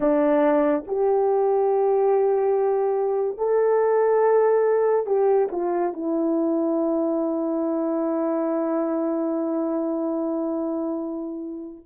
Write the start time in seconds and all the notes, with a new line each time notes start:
0.00 D4
0.87 G4
3.37 A4
5.06 G4
5.51 F4
5.93 E4